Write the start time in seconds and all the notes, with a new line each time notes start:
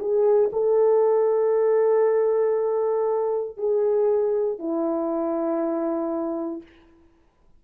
0.00 G#4
0.53 A4
3.58 G#4
4.59 E4